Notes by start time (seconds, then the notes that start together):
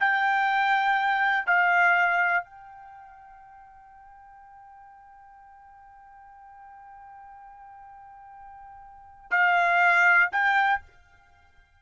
0.00 G5
1.47 F5
2.45 G5
9.31 F5
10.32 G5